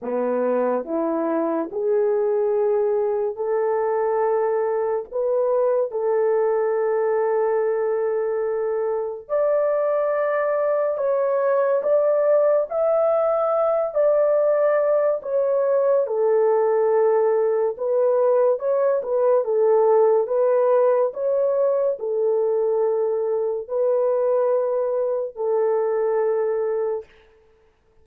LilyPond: \new Staff \with { instrumentName = "horn" } { \time 4/4 \tempo 4 = 71 b4 e'4 gis'2 | a'2 b'4 a'4~ | a'2. d''4~ | d''4 cis''4 d''4 e''4~ |
e''8 d''4. cis''4 a'4~ | a'4 b'4 cis''8 b'8 a'4 | b'4 cis''4 a'2 | b'2 a'2 | }